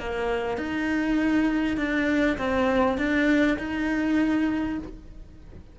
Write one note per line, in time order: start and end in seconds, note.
0.00 0.58 A#3
0.58 1.78 D#4
1.78 2.38 D4
2.38 2.98 C4
2.98 3.58 D4
3.59 4.79 D#4